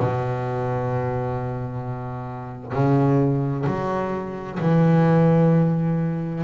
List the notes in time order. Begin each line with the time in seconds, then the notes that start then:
0.00 B2
2.73 C#3
3.67 F#3
4.60 E3